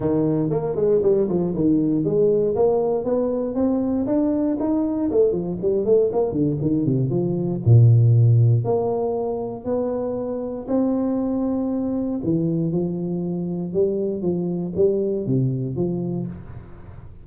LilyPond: \new Staff \with { instrumentName = "tuba" } { \time 4/4 \tempo 4 = 118 dis4 ais8 gis8 g8 f8 dis4 | gis4 ais4 b4 c'4 | d'4 dis'4 a8 f8 g8 a8 | ais8 d8 dis8 c8 f4 ais,4~ |
ais,4 ais2 b4~ | b4 c'2. | e4 f2 g4 | f4 g4 c4 f4 | }